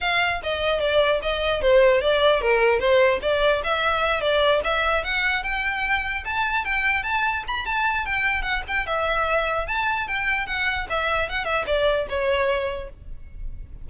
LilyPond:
\new Staff \with { instrumentName = "violin" } { \time 4/4 \tempo 4 = 149 f''4 dis''4 d''4 dis''4 | c''4 d''4 ais'4 c''4 | d''4 e''4. d''4 e''8~ | e''8 fis''4 g''2 a''8~ |
a''8 g''4 a''4 b''8 a''4 | g''4 fis''8 g''8 e''2 | a''4 g''4 fis''4 e''4 | fis''8 e''8 d''4 cis''2 | }